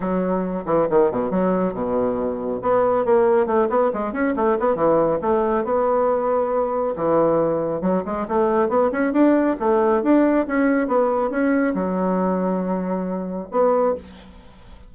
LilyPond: \new Staff \with { instrumentName = "bassoon" } { \time 4/4 \tempo 4 = 138 fis4. e8 dis8 b,8 fis4 | b,2 b4 ais4 | a8 b8 gis8 cis'8 a8 b8 e4 | a4 b2. |
e2 fis8 gis8 a4 | b8 cis'8 d'4 a4 d'4 | cis'4 b4 cis'4 fis4~ | fis2. b4 | }